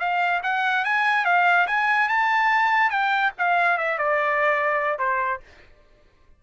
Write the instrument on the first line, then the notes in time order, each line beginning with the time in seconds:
trumpet
0.00 F5
0.43 F#5
0.85 G#5
1.25 F5
1.67 G#5
2.09 A5
2.91 G5
3.38 F5
3.78 E5
3.98 D5
4.99 C5